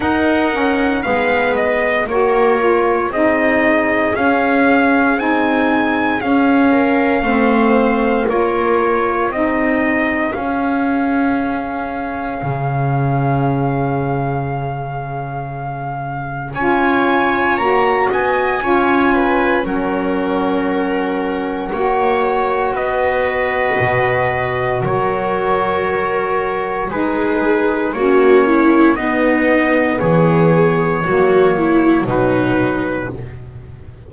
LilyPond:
<<
  \new Staff \with { instrumentName = "trumpet" } { \time 4/4 \tempo 4 = 58 fis''4 f''8 dis''8 cis''4 dis''4 | f''4 gis''4 f''2 | cis''4 dis''4 f''2~ | f''1 |
gis''4 ais''8 gis''4. fis''4~ | fis''2 dis''2 | cis''2 b'4 cis''4 | dis''4 cis''2 b'4 | }
  \new Staff \with { instrumentName = "viola" } { \time 4/4 ais'4 b'4 ais'4 gis'4~ | gis'2~ gis'8 ais'8 c''4 | ais'4 gis'2.~ | gis'1 |
cis''4. dis''8 cis''8 b'8 ais'4~ | ais'4 cis''4 b'2 | ais'2 gis'4 fis'8 e'8 | dis'4 gis'4 fis'8 e'8 dis'4 | }
  \new Staff \with { instrumentName = "saxophone" } { \time 4/4 dis'8 cis'8 b4 fis'8 f'8 dis'4 | cis'4 dis'4 cis'4 c'4 | f'4 dis'4 cis'2~ | cis'1 |
f'4 fis'4 f'4 cis'4~ | cis'4 fis'2.~ | fis'2 dis'4 cis'4 | b2 ais4 fis4 | }
  \new Staff \with { instrumentName = "double bass" } { \time 4/4 dis'4 gis4 ais4 c'4 | cis'4 c'4 cis'4 a4 | ais4 c'4 cis'2 | cis1 |
cis'4 ais8 b8 cis'4 fis4~ | fis4 ais4 b4 b,4 | fis2 gis4 ais4 | b4 e4 fis4 b,4 | }
>>